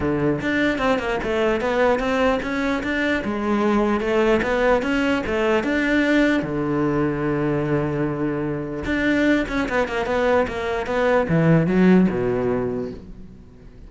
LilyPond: \new Staff \with { instrumentName = "cello" } { \time 4/4 \tempo 4 = 149 d4 d'4 c'8 ais8 a4 | b4 c'4 cis'4 d'4 | gis2 a4 b4 | cis'4 a4 d'2 |
d1~ | d2 d'4. cis'8 | b8 ais8 b4 ais4 b4 | e4 fis4 b,2 | }